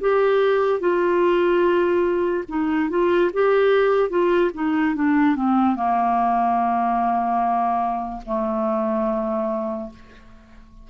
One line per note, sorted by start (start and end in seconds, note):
0.00 0.80 G4
0.80 2.44 F4
2.48 2.89 D#4
2.90 3.31 F4
3.33 4.09 G4
4.09 4.51 F4
4.54 4.95 D#4
4.95 5.35 D4
5.35 5.75 C4
5.75 8.22 A#3
8.25 9.90 A3